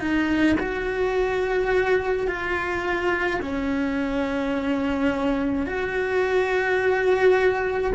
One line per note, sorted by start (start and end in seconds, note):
0.00 0.57 D#4
0.60 2.28 F#4
2.28 3.41 F4
3.42 5.66 C#4
5.66 7.92 F#4